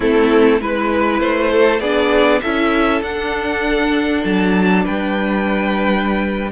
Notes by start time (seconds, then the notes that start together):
0.00 A3 C4 E4 A4
0.60 G#3 E4 B4
1.20 A3 C5
1.51 A4
1.80 B3 D4 G#4 D5
2.41 C#4 E4 A4 E5
3.01 D4 F#5
4.24 F#3 A5
4.84 G3 B4 G5